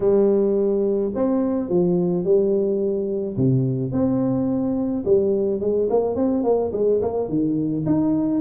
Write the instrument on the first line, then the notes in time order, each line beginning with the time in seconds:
tuba
0.00 G3
1.14 C4
1.69 F3
2.24 G3
3.36 C3
3.92 C4
5.04 G3
5.60 G#3
5.90 A#3
6.15 C4
6.43 A#3
6.72 G#3
7.01 A#3
7.28 D#3
7.86 D#4